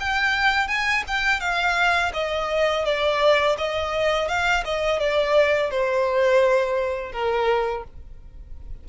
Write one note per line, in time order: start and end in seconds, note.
0.00 0.68 G5
0.68 1.04 G#5
1.08 1.41 G5
1.41 2.12 F5
2.14 2.85 D#5
2.85 3.56 D5
3.58 4.28 D#5
4.28 4.64 F5
4.65 5.00 D#5
5.00 5.71 D5
5.71 7.12 C5
7.12 7.84 A#4